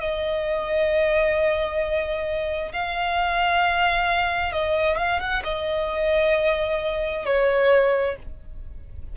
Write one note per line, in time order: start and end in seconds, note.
0.00 2.72 D#5
2.72 4.53 F5
4.53 4.98 D#5
4.98 5.20 F5
5.20 5.43 F#5
5.44 7.26 D#5
7.26 8.17 C#5